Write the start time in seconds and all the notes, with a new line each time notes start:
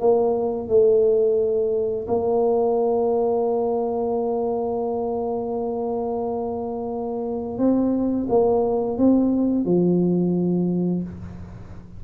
0.00 A#3
0.68 A3
2.07 A#3
7.58 C4
8.29 A#3
8.97 C4
9.65 F3